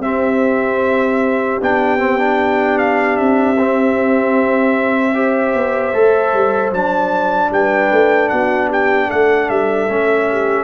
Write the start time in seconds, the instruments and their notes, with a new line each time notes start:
0.00 tuba C4, trombone C4, horn G4, trumpet E5
1.61 tuba B3, trombone D4, trumpet G5
1.99 trombone C4
2.19 trombone D4
2.78 trumpet F5
3.17 tuba C4, trumpet E5
3.58 trombone C4
5.14 trombone G4, horn C5
5.54 tuba B3
5.94 tuba A3, trombone A4
6.34 tuba G3
6.72 tuba F#3, trombone D4, trumpet A5
7.51 tuba G3, horn B4, trumpet G5
7.92 tuba A3
8.29 tuba B3, horn F#4, trumpet F#5
8.69 horn G4, trumpet G5
9.07 tuba A3, horn A4, trumpet F#5
9.50 tuba G3, trumpet E5
9.89 tuba A3, trombone C#4
10.30 horn G4